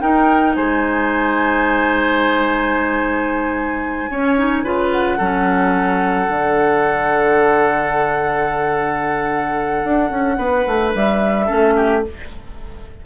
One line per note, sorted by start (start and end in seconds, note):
0.00 4.09 D#4
0.00 0.56 D#4
0.00 0.56 A#4
0.00 0.54 G5
0.54 4.10 G#3
0.54 4.10 C5
0.54 4.91 G#5
4.10 4.63 C#4
4.10 4.38 C#4
4.10 4.64 C#5
4.38 4.64 D#4
4.63 5.18 C#3
4.63 5.19 F4
4.63 5.18 B4
4.91 10.91 F#5
5.18 6.28 F#3
5.18 6.30 C#4
5.18 10.36 A4
6.28 9.83 D3
6.28 11.47 D4
9.84 10.10 D4
10.10 10.37 C#4
10.37 10.65 B3
10.37 11.46 B4
10.67 10.94 A3
10.94 11.49 G3
10.94 12.04 E5
11.46 12.05 A3
11.46 12.02 C#4
11.46 11.73 A4
11.76 12.03 G4